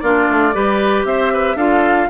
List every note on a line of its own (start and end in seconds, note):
0.00 0.28 A#3
0.00 0.53 D4
0.00 0.54 F4
0.00 1.04 D5
0.29 0.55 A3
0.53 1.04 G3
0.53 1.57 G4
0.53 1.06 B4
1.04 1.55 C4
1.04 1.33 C5
1.04 1.57 E5
1.33 1.56 B4
1.55 2.07 D4
1.55 2.10 F4
1.55 2.08 A4
1.55 2.09 F5